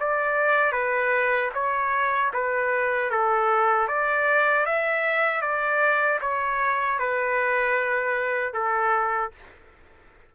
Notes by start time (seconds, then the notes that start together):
0.00 D5
0.72 B4
1.54 C#5
2.34 B4
3.11 A4
3.88 D5
4.66 E5
5.42 D5
6.21 C#5
6.99 B4
8.53 A4